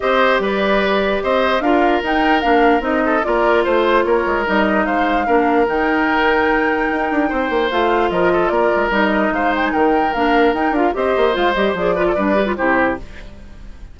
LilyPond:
<<
  \new Staff \with { instrumentName = "flute" } { \time 4/4 \tempo 4 = 148 dis''4 d''2 dis''4 | f''4 g''4 f''4 dis''4 | d''4 c''4 cis''4 dis''4 | f''2 g''2~ |
g''2. f''4 | dis''4 d''4 dis''4 f''8 g''16 gis''16 | g''4 f''4 g''8 f''8 dis''4 | f''8 dis''8 d''2 c''4 | }
  \new Staff \with { instrumentName = "oboe" } { \time 4/4 c''4 b'2 c''4 | ais'2.~ ais'8 a'8 | ais'4 c''4 ais'2 | c''4 ais'2.~ |
ais'2 c''2 | ais'8 a'8 ais'2 c''4 | ais'2. c''4~ | c''4. b'16 a'16 b'4 g'4 | }
  \new Staff \with { instrumentName = "clarinet" } { \time 4/4 g'1 | f'4 dis'4 d'4 dis'4 | f'2. dis'4~ | dis'4 d'4 dis'2~ |
dis'2. f'4~ | f'2 dis'2~ | dis'4 d'4 dis'8 f'8 g'4 | f'8 g'8 gis'8 f'8 d'8 g'16 f'16 e'4 | }
  \new Staff \with { instrumentName = "bassoon" } { \time 4/4 c'4 g2 c'4 | d'4 dis'4 ais4 c'4 | ais4 a4 ais8 gis8 g4 | gis4 ais4 dis2~ |
dis4 dis'8 d'8 c'8 ais8 a4 | f4 ais8 gis8 g4 gis4 | dis4 ais4 dis'8 d'8 c'8 ais8 | gis8 g8 f4 g4 c4 | }
>>